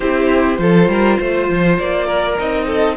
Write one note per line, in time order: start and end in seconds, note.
0.00 0.58 C4
0.00 0.58 E4
0.00 0.59 G4
0.00 1.74 C5
0.58 0.87 F3
0.58 2.36 F4
0.58 0.90 A4
0.87 1.17 G3
0.87 1.18 A#4
1.18 1.49 A3
1.18 2.06 C5
1.49 1.78 F3
1.78 2.38 A#3
1.78 2.38 D5
2.06 2.65 A#4
2.38 2.96 C4
2.38 2.96 D#4
2.38 2.96 D#5
2.66 2.96 A4